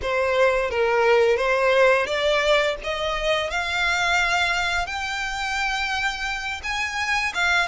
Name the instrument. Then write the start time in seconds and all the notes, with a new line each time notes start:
violin
0.02 C5
0.70 A#4
1.36 C5
2.06 D5
2.83 D#5
3.50 F5
4.86 G5
6.63 G#5
7.34 F5